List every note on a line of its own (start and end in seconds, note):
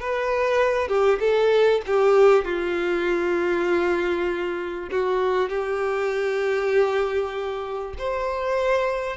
0.00 0.88 B4
0.88 1.19 G4
1.20 1.81 A4
1.86 2.44 G4
2.44 4.89 F4
4.91 5.49 F#4
5.49 7.94 G4
7.98 9.16 C5